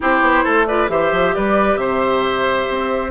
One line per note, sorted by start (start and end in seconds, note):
0.00 0.21 C4
0.00 0.66 E4
0.00 0.44 G4
0.00 0.66 C5
0.21 0.43 B3
0.44 0.88 A3
0.44 0.66 A4
0.66 0.88 F4
0.66 0.90 B4
0.66 0.89 D5
0.88 1.11 E3
0.88 3.10 G4
0.88 1.35 C5
0.88 1.34 E5
1.12 1.34 F3
1.34 1.76 G3
1.34 1.80 B4
1.34 1.76 D5
1.76 2.66 C3
1.76 3.10 C5
1.76 3.10 E5
2.69 3.10 C4